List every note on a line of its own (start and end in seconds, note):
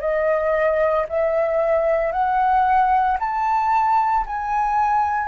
0.00 1.05 D#5
1.08 2.12 E5
2.12 3.17 F#5
3.19 4.24 A5
4.26 5.28 G#5